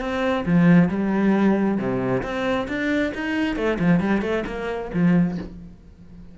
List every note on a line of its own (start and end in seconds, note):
0.00 0.44 C4
0.46 0.89 F3
0.89 1.78 G3
1.78 2.22 C3
2.23 2.67 C4
2.68 3.12 D4
3.14 3.56 D#4
3.56 3.78 A3
3.79 4.00 F3
4.00 4.21 G3
4.21 4.44 A3
4.46 4.91 A#3
4.94 5.38 F3